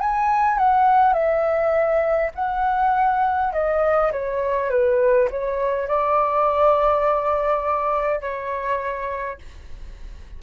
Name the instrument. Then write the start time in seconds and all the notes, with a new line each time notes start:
flute
0.00 G#5
0.58 F#5
1.13 E5
2.35 F#5
3.53 D#5
4.12 C#5
4.70 B4
5.30 C#5
5.88 D5
8.21 C#5